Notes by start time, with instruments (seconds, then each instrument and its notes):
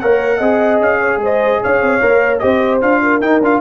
0.00 tuba A#3, trombone A#4, horn C#5, trumpet F#5
0.38 tuba C4, trombone G#4, horn D#5
0.80 tuba C#4, trumpet F5
1.00 horn C#5
1.17 tuba G#3, horn C5
1.25 trumpet D#5
1.62 tuba C#4, horn C#5, trumpet F5
1.81 tuba C4
2.01 tuba A#3, trombone A#4
2.39 tuba C4, trombone G4, horn C5, trumpet D#5
2.81 tuba D4, trombone F4, trumpet F5
3.03 horn A#4
3.21 tuba D#4, trombone D#4, trumpet G5
3.40 tuba D4, trombone F4, trumpet F5